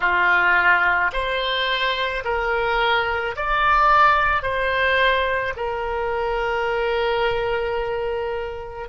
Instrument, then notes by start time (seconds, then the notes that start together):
oboe
0.00 F4
1.12 C5
2.24 A#4
3.35 D5
4.42 C5
5.56 A#4